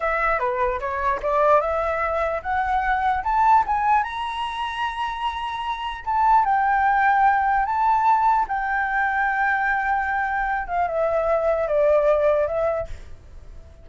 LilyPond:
\new Staff \with { instrumentName = "flute" } { \time 4/4 \tempo 4 = 149 e''4 b'4 cis''4 d''4 | e''2 fis''2 | a''4 gis''4 ais''2~ | ais''2. a''4 |
g''2. a''4~ | a''4 g''2.~ | g''2~ g''8 f''8 e''4~ | e''4 d''2 e''4 | }